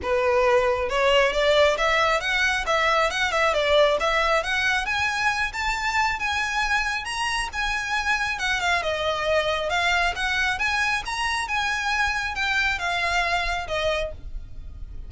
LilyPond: \new Staff \with { instrumentName = "violin" } { \time 4/4 \tempo 4 = 136 b'2 cis''4 d''4 | e''4 fis''4 e''4 fis''8 e''8 | d''4 e''4 fis''4 gis''4~ | gis''8 a''4. gis''2 |
ais''4 gis''2 fis''8 f''8 | dis''2 f''4 fis''4 | gis''4 ais''4 gis''2 | g''4 f''2 dis''4 | }